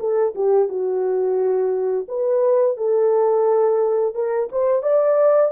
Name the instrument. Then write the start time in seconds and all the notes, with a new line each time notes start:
horn
0.00 A4
0.35 G4
0.69 F#4
2.08 B4
2.77 A4
4.15 A#4
4.52 C5
4.83 D5